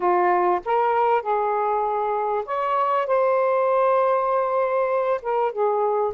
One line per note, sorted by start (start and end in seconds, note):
0.00 0.60 F4
0.65 1.22 A#4
1.22 2.44 G#4
2.45 3.06 C#5
3.06 5.20 C5
5.22 5.52 A#4
5.52 6.13 G#4